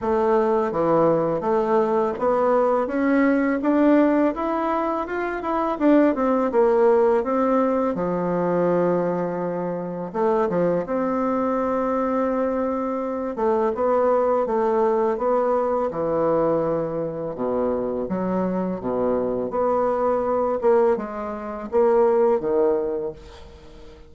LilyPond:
\new Staff \with { instrumentName = "bassoon" } { \time 4/4 \tempo 4 = 83 a4 e4 a4 b4 | cis'4 d'4 e'4 f'8 e'8 | d'8 c'8 ais4 c'4 f4~ | f2 a8 f8 c'4~ |
c'2~ c'8 a8 b4 | a4 b4 e2 | b,4 fis4 b,4 b4~ | b8 ais8 gis4 ais4 dis4 | }